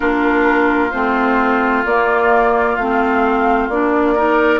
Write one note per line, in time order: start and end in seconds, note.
0.00 0.93 A#3
0.00 0.90 D4
0.00 4.14 F4
0.00 0.91 A#4
0.91 1.85 A3
0.91 1.85 C4
0.91 1.83 C5
1.85 2.77 A#3
1.85 2.79 A#3
1.85 2.76 D5
2.76 3.68 A3
2.76 3.71 C4
2.76 3.68 F5
3.68 4.59 A#3
3.68 4.16 D4
3.68 4.59 D5
4.15 4.59 D#4
4.15 4.59 A#4